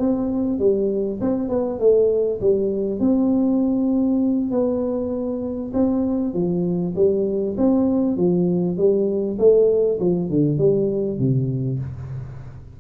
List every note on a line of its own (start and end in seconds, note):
0.00 0.60 C4
0.60 1.20 G3
1.22 1.50 C4
1.50 1.80 B3
1.80 2.40 A3
2.41 3.01 G3
3.01 4.51 C4
4.51 5.72 B3
5.74 6.34 C4
6.34 6.95 F3
6.96 7.56 G3
7.58 8.17 C4
8.17 8.78 F3
8.78 9.38 G3
9.39 9.99 A3
10.00 10.30 F3
10.30 10.58 D3
10.58 11.19 G3
11.19 11.80 C3